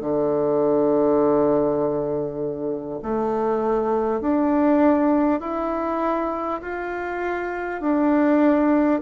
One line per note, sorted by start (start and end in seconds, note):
0.00 3.00 D3
3.02 4.21 A3
4.21 5.40 D4
5.40 6.60 E4
6.62 7.81 F4
7.81 9.01 D4